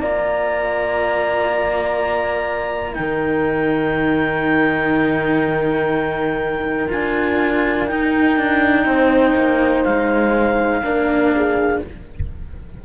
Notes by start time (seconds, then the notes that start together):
0.00 A#3 F4 D5 A#5
2.93 D#4 G5
2.99 D#3 A#4
6.90 D4 F4 G#5
7.87 D#4 G5
8.37 D4
8.85 C4 C5
9.35 A#3
9.84 G#3 F5
10.81 A#3 D4 A#4
11.36 G#4